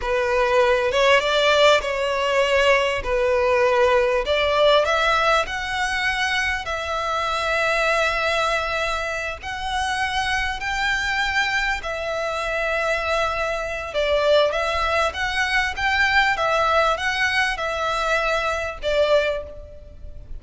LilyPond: \new Staff \with { instrumentName = "violin" } { \time 4/4 \tempo 4 = 99 b'4. cis''8 d''4 cis''4~ | cis''4 b'2 d''4 | e''4 fis''2 e''4~ | e''2.~ e''8 fis''8~ |
fis''4. g''2 e''8~ | e''2. d''4 | e''4 fis''4 g''4 e''4 | fis''4 e''2 d''4 | }